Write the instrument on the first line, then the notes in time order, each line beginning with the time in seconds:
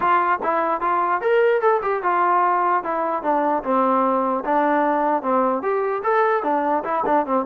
trombone
0.00 F4
0.42 E4
0.81 F4
1.21 A#4
1.61 A4
1.82 G4
2.02 F4
2.83 E4
3.23 D4
3.63 C4
4.44 D4
5.22 C4
5.62 G4
6.03 A4
6.43 D4
6.83 E4
7.05 D4
7.26 C4